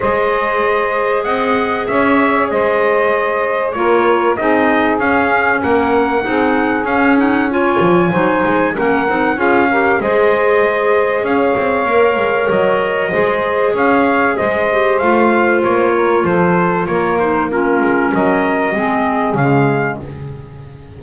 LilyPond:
<<
  \new Staff \with { instrumentName = "trumpet" } { \time 4/4 \tempo 4 = 96 dis''2 fis''4 e''4 | dis''2 cis''4 dis''4 | f''4 fis''2 f''8 fis''8 | gis''2 fis''4 f''4 |
dis''2 f''2 | dis''2 f''4 dis''4 | f''4 cis''4 c''4 cis''8 c''8 | ais'4 dis''2 f''4 | }
  \new Staff \with { instrumentName = "saxophone" } { \time 4/4 c''2 dis''4 cis''4 | c''2 ais'4 gis'4~ | gis'4 ais'4 gis'2 | cis''4 c''4 ais'4 gis'8 ais'8 |
c''2 cis''2~ | cis''4 c''4 cis''4 c''4~ | c''4. ais'8 a'4 ais'4 | f'4 ais'4 gis'2 | }
  \new Staff \with { instrumentName = "clarinet" } { \time 4/4 gis'1~ | gis'2 f'4 dis'4 | cis'2 dis'4 cis'8 dis'8 | f'4 dis'4 cis'8 dis'8 f'8 g'8 |
gis'2. ais'4~ | ais'4 gis'2~ gis'8 g'8 | f'2.~ f'8 dis'8 | cis'2 c'4 gis4 | }
  \new Staff \with { instrumentName = "double bass" } { \time 4/4 gis2 c'4 cis'4 | gis2 ais4 c'4 | cis'4 ais4 c'4 cis'4~ | cis'8 f8 fis8 gis8 ais8 c'8 cis'4 |
gis2 cis'8 c'8 ais8 gis8 | fis4 gis4 cis'4 gis4 | a4 ais4 f4 ais4~ | ais8 gis8 fis4 gis4 cis4 | }
>>